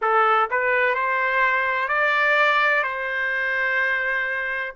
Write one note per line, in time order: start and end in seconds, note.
0.01 0.49 A4
0.50 0.94 B4
0.94 1.88 C5
1.88 2.83 D5
2.83 4.73 C5